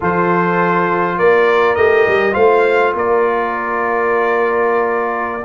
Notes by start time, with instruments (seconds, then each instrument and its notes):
0.00 tuba F3, trombone F4, horn A4, trumpet C5
1.18 tuba A#3, horn A#4, trumpet D5
1.75 tuba A3, trombone G4, trumpet D#5
2.07 tuba G3
2.31 tuba A3, trombone F4, horn C5, trumpet F5
2.94 tuba A#3, horn A#4, trumpet D5